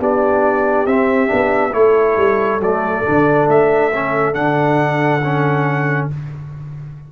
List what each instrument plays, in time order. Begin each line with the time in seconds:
0.00 tuba B3, trombone D4, horn G4, trumpet D5
0.87 tuba C4, trombone C4, trumpet E5
1.27 tuba B3, trombone D4
1.73 tuba A3, trombone E4, horn A4, trumpet C#5
2.17 tuba G3
2.59 tuba F#3, trombone A3, trumpet D5
3.05 tuba D3, trombone D4
3.48 tuba A3, trumpet E5
3.94 trombone C#4
4.34 tuba D3, trombone D4, trumpet F#5
5.24 trombone C#4